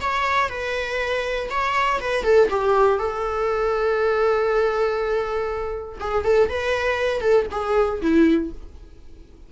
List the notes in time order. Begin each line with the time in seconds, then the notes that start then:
0.00 C#5
0.49 B4
1.50 C#5
2.00 B4
2.23 A4
2.50 G4
2.99 A4
6.00 G#4
6.24 A4
6.49 B4
7.20 A4
7.51 G#4
8.01 E4